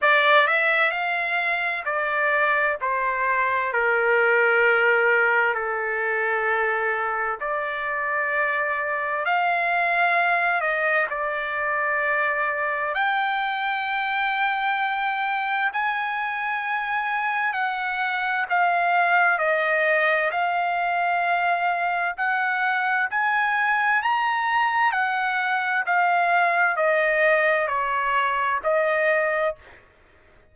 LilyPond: \new Staff \with { instrumentName = "trumpet" } { \time 4/4 \tempo 4 = 65 d''8 e''8 f''4 d''4 c''4 | ais'2 a'2 | d''2 f''4. dis''8 | d''2 g''2~ |
g''4 gis''2 fis''4 | f''4 dis''4 f''2 | fis''4 gis''4 ais''4 fis''4 | f''4 dis''4 cis''4 dis''4 | }